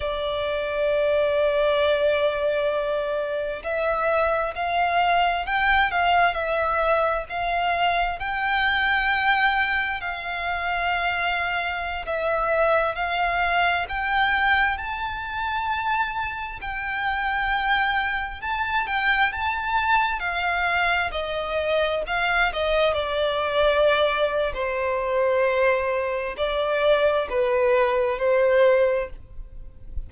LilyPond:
\new Staff \with { instrumentName = "violin" } { \time 4/4 \tempo 4 = 66 d''1 | e''4 f''4 g''8 f''8 e''4 | f''4 g''2 f''4~ | f''4~ f''16 e''4 f''4 g''8.~ |
g''16 a''2 g''4.~ g''16~ | g''16 a''8 g''8 a''4 f''4 dis''8.~ | dis''16 f''8 dis''8 d''4.~ d''16 c''4~ | c''4 d''4 b'4 c''4 | }